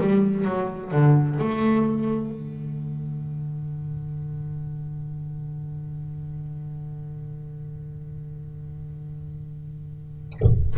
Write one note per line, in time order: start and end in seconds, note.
0.00 0.45 G3
0.45 0.92 F#3
0.92 1.39 D3
1.39 2.33 A3
2.33 10.77 D3